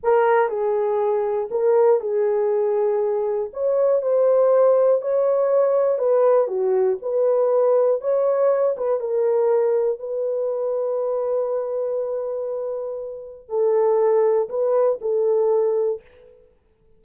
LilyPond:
\new Staff \with { instrumentName = "horn" } { \time 4/4 \tempo 4 = 120 ais'4 gis'2 ais'4 | gis'2. cis''4 | c''2 cis''2 | b'4 fis'4 b'2 |
cis''4. b'8 ais'2 | b'1~ | b'2. a'4~ | a'4 b'4 a'2 | }